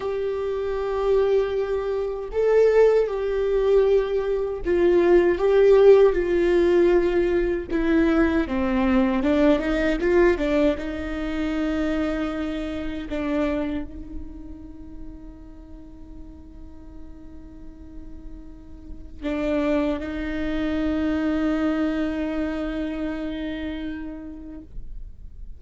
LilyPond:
\new Staff \with { instrumentName = "viola" } { \time 4/4 \tempo 4 = 78 g'2. a'4 | g'2 f'4 g'4 | f'2 e'4 c'4 | d'8 dis'8 f'8 d'8 dis'2~ |
dis'4 d'4 dis'2~ | dis'1~ | dis'4 d'4 dis'2~ | dis'1 | }